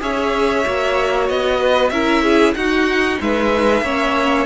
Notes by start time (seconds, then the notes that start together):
0.00 C#4 G#4 C#5 E5
0.64 A#3 F#4
1.28 B3 D#5
1.59 B4
1.90 C#4 E4 A#4 E5
2.23 G#4
2.54 D#4 F#4 F#5
3.20 G#3 B4 E5
3.81 A#3 C#4 C#5